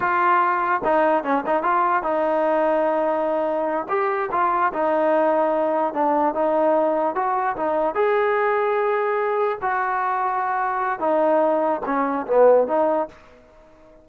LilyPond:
\new Staff \with { instrumentName = "trombone" } { \time 4/4 \tempo 4 = 147 f'2 dis'4 cis'8 dis'8 | f'4 dis'2.~ | dis'4. g'4 f'4 dis'8~ | dis'2~ dis'8 d'4 dis'8~ |
dis'4. fis'4 dis'4 gis'8~ | gis'2.~ gis'8 fis'8~ | fis'2. dis'4~ | dis'4 cis'4 b4 dis'4 | }